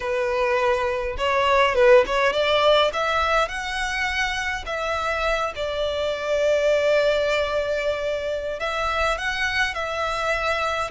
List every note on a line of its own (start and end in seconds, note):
0.00 1.16 B4
1.17 1.75 C#5
1.75 2.04 B4
2.06 2.32 C#5
2.32 2.91 D5
2.93 3.48 E5
3.48 4.64 F#5
4.65 5.53 E5
5.55 8.59 D5
8.59 9.17 E5
9.17 9.74 F#5
9.74 10.91 E5